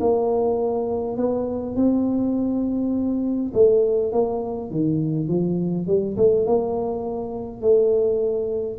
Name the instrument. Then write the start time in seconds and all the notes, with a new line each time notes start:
tuba
0.00 A#3
1.17 B3
1.76 C4
3.54 A3
4.13 A#3
4.71 D#3
5.28 F3
5.87 G3
6.17 A3
6.46 A#3
7.61 A3